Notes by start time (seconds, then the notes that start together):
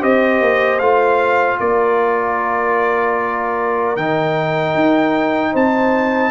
0.00 C4 G4 C5 D#5
0.41 A#3
0.79 A3 F4 F5
1.60 A#3 A#4 D5
3.96 D#3 D#4 G5
4.75 D#4
5.52 C4 C5 A5